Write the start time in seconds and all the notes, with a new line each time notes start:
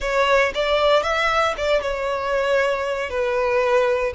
0.00 C#5
0.54 D5
1.02 E5
1.57 D5
1.81 C#5
3.09 B4